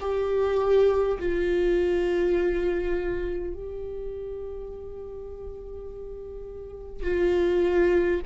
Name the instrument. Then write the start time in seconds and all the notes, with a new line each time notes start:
viola
0.00 G4
1.19 F4
3.54 G4
7.03 F4